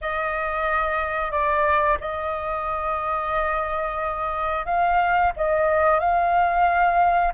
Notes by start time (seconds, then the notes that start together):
0.01 D#5
1.31 D5
2.00 D#5
4.65 F5
5.36 D#5
5.99 F5